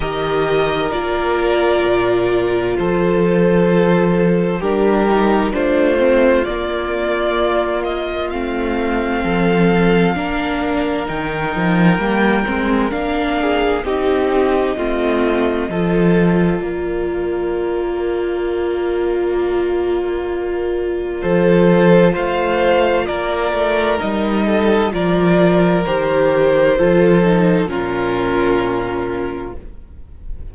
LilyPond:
<<
  \new Staff \with { instrumentName = "violin" } { \time 4/4 \tempo 4 = 65 dis''4 d''2 c''4~ | c''4 ais'4 c''4 d''4~ | d''8 dis''8 f''2. | g''2 f''4 dis''4~ |
dis''2 d''2~ | d''2. c''4 | f''4 d''4 dis''4 d''4 | c''2 ais'2 | }
  \new Staff \with { instrumentName = "violin" } { \time 4/4 ais'2. a'4~ | a'4 g'4 f'2~ | f'2 a'4 ais'4~ | ais'2~ ais'8 gis'8 g'4 |
f'4 a'4 ais'2~ | ais'2. a'4 | c''4 ais'4. a'8 ais'4~ | ais'4 a'4 f'2 | }
  \new Staff \with { instrumentName = "viola" } { \time 4/4 g'4 f'2.~ | f'4 d'8 dis'8 d'8 c'8 ais4~ | ais4 c'2 d'4 | dis'4 ais8 c'8 d'4 dis'4 |
c'4 f'2.~ | f'1~ | f'2 dis'4 f'4 | g'4 f'8 dis'8 cis'2 | }
  \new Staff \with { instrumentName = "cello" } { \time 4/4 dis4 ais4 ais,4 f4~ | f4 g4 a4 ais4~ | ais4 a4 f4 ais4 | dis8 f8 g8 gis8 ais4 c'4 |
a4 f4 ais2~ | ais2. f4 | a4 ais8 a8 g4 f4 | dis4 f4 ais,2 | }
>>